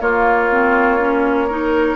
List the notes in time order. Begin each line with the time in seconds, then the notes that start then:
0.00 A#3 F4 C#5
0.51 C4
0.99 C#4
1.47 D#4 A#4